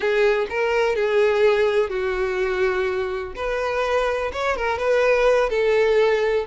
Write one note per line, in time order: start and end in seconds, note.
0.00 0.47 G#4
0.49 0.95 A#4
0.95 1.89 G#4
1.89 3.33 F#4
3.35 4.31 B4
4.32 4.56 C#5
4.56 4.78 A#4
4.78 5.49 B4
5.49 6.45 A4